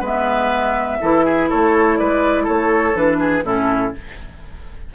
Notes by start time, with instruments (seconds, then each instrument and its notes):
0.00 bassoon G#3, clarinet B3, oboe B4, flute E5
1.01 bassoon E3, clarinet E4, oboe A4
1.25 oboe G#4
1.49 bassoon A3, oboe A4, flute C#5
1.97 bassoon G#3, oboe B4, flute D5
2.43 bassoon A3, oboe A4, flute C#5
2.94 bassoon E3, clarinet D4, flute B4
3.19 oboe G#4
3.44 bassoon A2, clarinet C#4, oboe E4, flute A4